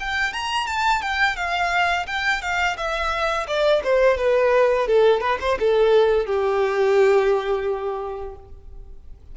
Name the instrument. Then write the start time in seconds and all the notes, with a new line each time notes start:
violin
0.00 G5
0.33 A#5
0.67 A5
1.02 G5
1.36 F5
2.07 G5
2.42 F5
2.77 E5
3.47 D5
3.84 C5
4.17 B4
4.87 A4
5.21 B4
5.41 C5
5.59 A4
6.26 G4